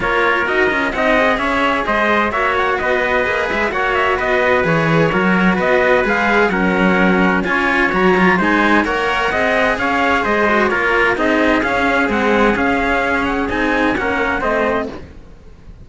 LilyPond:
<<
  \new Staff \with { instrumentName = "trumpet" } { \time 4/4 \tempo 4 = 129 cis''4 dis''4 fis''4 e''4 | dis''4 e''8 fis''8 dis''4. e''8 | fis''8 e''8 dis''4 cis''2 | dis''4 f''4 fis''2 |
gis''4 ais''4 gis''4 fis''4~ | fis''4 f''4 dis''4 cis''4 | dis''4 f''4 fis''4 f''4~ | f''8 fis''8 gis''4 fis''4 dis''4 | }
  \new Staff \with { instrumentName = "trumpet" } { \time 4/4 ais'2 dis''4 cis''4 | c''4 cis''4 b'2 | cis''4 b'2 ais'4 | b'2 ais'2 |
cis''2 c''4 cis''4 | dis''4 cis''4 c''4 ais'4 | gis'1~ | gis'2 ais'4 c''4 | }
  \new Staff \with { instrumentName = "cello" } { \time 4/4 f'4 fis'8 f'8 dis'8 gis'4.~ | gis'4 fis'2 gis'4 | fis'2 gis'4 fis'4~ | fis'4 gis'4 cis'2 |
f'4 fis'8 f'8 dis'4 ais'4 | gis'2~ gis'8 fis'8 f'4 | dis'4 cis'4 gis4 cis'4~ | cis'4 dis'4 cis'4 c'4 | }
  \new Staff \with { instrumentName = "cello" } { \time 4/4 ais4 dis'8 cis'8 c'4 cis'4 | gis4 ais4 b4 ais8 gis8 | ais4 b4 e4 fis4 | b4 gis4 fis2 |
cis'4 fis4 gis4 ais4 | c'4 cis'4 gis4 ais4 | c'4 cis'4 c'4 cis'4~ | cis'4 c'4 ais4 a4 | }
>>